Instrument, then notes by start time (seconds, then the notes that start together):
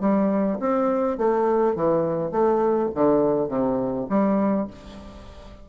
bassoon
0.00 G3
0.59 C4
1.17 A3
1.75 E3
2.31 A3
2.94 D3
3.48 C3
4.09 G3